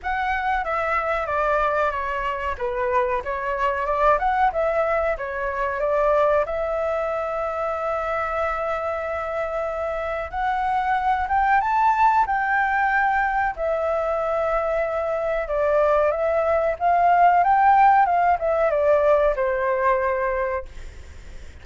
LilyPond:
\new Staff \with { instrumentName = "flute" } { \time 4/4 \tempo 4 = 93 fis''4 e''4 d''4 cis''4 | b'4 cis''4 d''8 fis''8 e''4 | cis''4 d''4 e''2~ | e''1 |
fis''4. g''8 a''4 g''4~ | g''4 e''2. | d''4 e''4 f''4 g''4 | f''8 e''8 d''4 c''2 | }